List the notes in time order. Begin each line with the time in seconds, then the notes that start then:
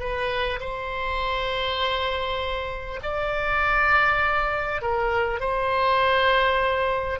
0.00 B4
0.61 C5
3.03 D5
4.82 A#4
5.41 C5